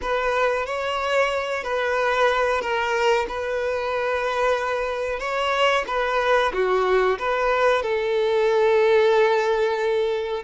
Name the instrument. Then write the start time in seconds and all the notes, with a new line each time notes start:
violin
0.01 B4
0.66 C#5
1.63 B4
2.61 A#4
3.28 B4
5.19 C#5
5.87 B4
6.53 F#4
7.19 B4
7.82 A4